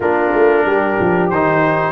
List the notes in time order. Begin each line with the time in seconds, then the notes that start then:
0.00 A#3 D4 F4 A#4
0.32 A3
0.65 G3 G4
1.00 F3
1.30 D#3 D#4 C5